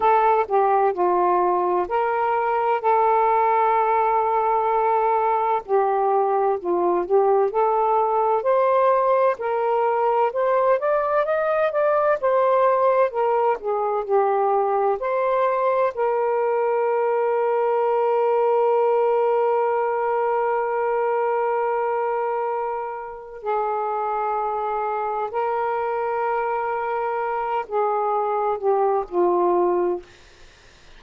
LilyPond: \new Staff \with { instrumentName = "saxophone" } { \time 4/4 \tempo 4 = 64 a'8 g'8 f'4 ais'4 a'4~ | a'2 g'4 f'8 g'8 | a'4 c''4 ais'4 c''8 d''8 | dis''8 d''8 c''4 ais'8 gis'8 g'4 |
c''4 ais'2.~ | ais'1~ | ais'4 gis'2 ais'4~ | ais'4. gis'4 g'8 f'4 | }